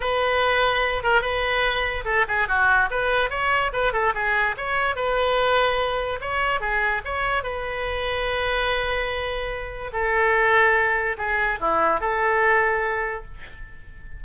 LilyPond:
\new Staff \with { instrumentName = "oboe" } { \time 4/4 \tempo 4 = 145 b'2~ b'8 ais'8 b'4~ | b'4 a'8 gis'8 fis'4 b'4 | cis''4 b'8 a'8 gis'4 cis''4 | b'2. cis''4 |
gis'4 cis''4 b'2~ | b'1 | a'2. gis'4 | e'4 a'2. | }